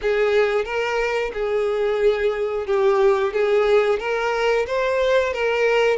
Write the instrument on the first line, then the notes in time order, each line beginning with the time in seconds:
violin
0.02 G#4
0.65 A#4
1.33 G#4
2.66 G4
3.33 G#4
3.99 A#4
4.66 C5
5.33 A#4